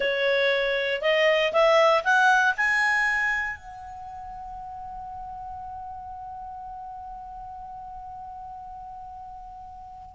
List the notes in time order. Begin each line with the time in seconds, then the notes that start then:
0.00 C#5
1.01 D#5
1.53 E5
2.04 F#5
2.56 G#5
3.56 F#5